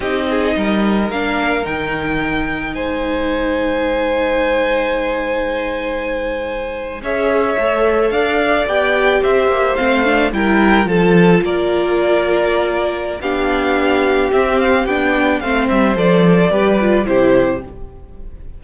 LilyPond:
<<
  \new Staff \with { instrumentName = "violin" } { \time 4/4 \tempo 4 = 109 dis''2 f''4 g''4~ | g''4 gis''2.~ | gis''1~ | gis''8. e''2 f''4 g''16~ |
g''8. e''4 f''4 g''4 a''16~ | a''8. d''2.~ d''16 | f''2 e''8 f''8 g''4 | f''8 e''8 d''2 c''4 | }
  \new Staff \with { instrumentName = "violin" } { \time 4/4 g'8 gis'8 ais'2.~ | ais'4 c''2.~ | c''1~ | c''8. cis''2 d''4~ d''16~ |
d''8. c''2 ais'4 a'16~ | a'8. ais'2.~ ais'16 | g'1 | c''2 b'4 g'4 | }
  \new Staff \with { instrumentName = "viola" } { \time 4/4 dis'2 d'4 dis'4~ | dis'1~ | dis'1~ | dis'8. gis'4 a'2 g'16~ |
g'4.~ g'16 c'8 d'8 e'4 f'16~ | f'1 | d'2 c'4 d'4 | c'4 a'4 g'8 f'8 e'4 | }
  \new Staff \with { instrumentName = "cello" } { \time 4/4 c'4 g4 ais4 dis4~ | dis4 gis2.~ | gis1~ | gis8. cis'4 a4 d'4 b16~ |
b8. c'8 ais8 a4 g4 f16~ | f8. ais2.~ ais16 | b2 c'4 b4 | a8 g8 f4 g4 c4 | }
>>